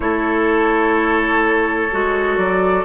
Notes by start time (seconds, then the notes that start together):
0.00 A3 E4 A4 C#5
1.91 G#3 F#4
2.37 F#3 D5